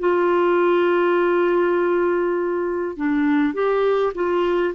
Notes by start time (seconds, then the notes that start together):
0.00 F4
2.97 D4
3.54 G4
4.15 F4